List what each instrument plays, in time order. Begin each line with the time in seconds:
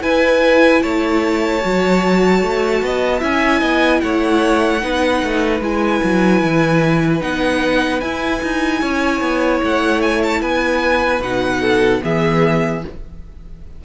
0.00 viola E4, cello E4, violin B4 G#5
0.82 cello A3, violin C#5 A5
1.61 cello F#3, viola F#4
2.42 cello A3
2.82 cello B3, violin D#5
3.20 cello C#4, viola E4, violin E5 G#5
3.59 cello B3, violin D#5
4.00 cello A3, violin C#5 F#5
4.80 cello B3, viola D#4, violin B4
5.23 cello A3
5.60 cello G#3, viola E4, violin G#5
6.03 cello F#3
6.42 cello E3
7.20 cello B3, viola D#4, violin F#5
8.00 cello E4, viola E4, violin G#5
8.42 cello D#4
8.81 cello C#4, violin C#5
9.21 cello B3
9.63 cello A3, violin F#5
10.01 violin G#5
10.23 violin A5
10.41 cello B3, violin B4 G#5
11.20 cello B2, viola D#4, violin F#5
11.61 violin A4
12.01 cello E3, viola B3, violin G#4 E5